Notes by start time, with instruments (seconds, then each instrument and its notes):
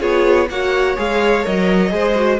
0.00 cello B3, viola F4, violin G#4 C#5
0.49 cello A#3, viola F#4, violin C#5 F#5
0.96 cello G#3, viola G#4, violin F5
1.43 cello F#3, viola A#4, violin D#5
1.89 cello G#3, viola G#4, violin C5
2.15 viola F#4